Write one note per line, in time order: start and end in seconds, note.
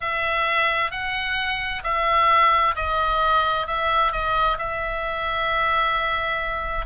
0.01 0.91 E5
0.91 1.82 F#5
1.83 2.75 E5
2.75 3.66 D#5
3.66 4.12 E5
4.12 4.57 D#5
4.58 6.86 E5